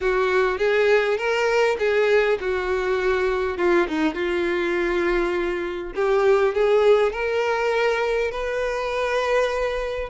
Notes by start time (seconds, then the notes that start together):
0.01 F#4
0.58 G#4
1.17 A#4
1.78 G#4
2.40 F#4
3.57 F4
3.87 D#4
4.14 F4
5.95 G4
6.54 G#4
7.12 A#4
8.31 B4